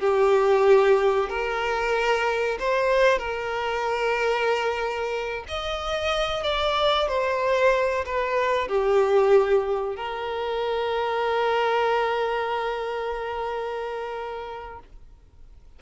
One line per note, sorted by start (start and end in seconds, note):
0.00 1.29 G4
1.29 2.58 A#4
2.60 3.18 C5
3.18 5.44 A#4
5.48 6.43 D#5
6.43 7.08 D5
7.08 8.05 C5
8.05 8.68 B4
8.68 9.96 G4
9.96 14.79 A#4